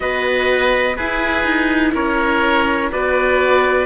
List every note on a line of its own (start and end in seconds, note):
0.00 0.97 B3
0.00 0.95 F#4
0.00 0.97 B4
0.00 0.96 D#5
0.96 1.44 E4
0.96 2.92 E4
0.96 1.93 G#4
0.96 1.93 B4
1.44 1.92 D#4
1.94 2.91 C#4
1.94 2.91 A#4
1.94 2.91 C#5
2.92 3.86 B3
2.92 3.86 F#4
2.92 3.86 B4
2.92 3.86 D5